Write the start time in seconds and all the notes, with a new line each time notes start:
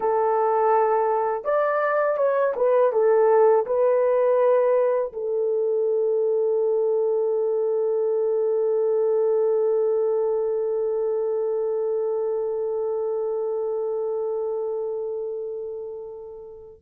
0.00 A4
1.44 D5
2.17 C#5
2.56 B4
2.92 A4
3.66 B4
5.12 A4